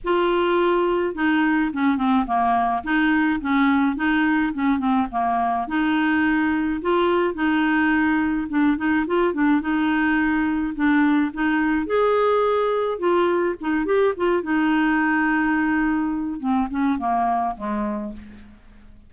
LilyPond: \new Staff \with { instrumentName = "clarinet" } { \time 4/4 \tempo 4 = 106 f'2 dis'4 cis'8 c'8 | ais4 dis'4 cis'4 dis'4 | cis'8 c'8 ais4 dis'2 | f'4 dis'2 d'8 dis'8 |
f'8 d'8 dis'2 d'4 | dis'4 gis'2 f'4 | dis'8 g'8 f'8 dis'2~ dis'8~ | dis'4 c'8 cis'8 ais4 gis4 | }